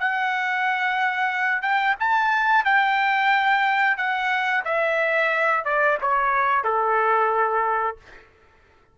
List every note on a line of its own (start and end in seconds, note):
0.00 1.62 F#5
1.62 1.96 G5
2.00 2.65 A5
2.65 3.98 G5
3.98 4.64 F#5
4.65 5.65 E5
5.65 5.98 D5
6.02 6.65 C#5
6.65 7.98 A4